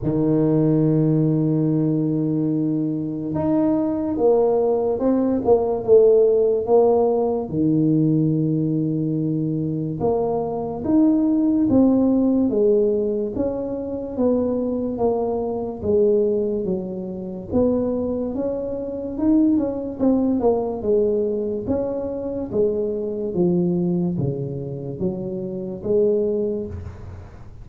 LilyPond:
\new Staff \with { instrumentName = "tuba" } { \time 4/4 \tempo 4 = 72 dis1 | dis'4 ais4 c'8 ais8 a4 | ais4 dis2. | ais4 dis'4 c'4 gis4 |
cis'4 b4 ais4 gis4 | fis4 b4 cis'4 dis'8 cis'8 | c'8 ais8 gis4 cis'4 gis4 | f4 cis4 fis4 gis4 | }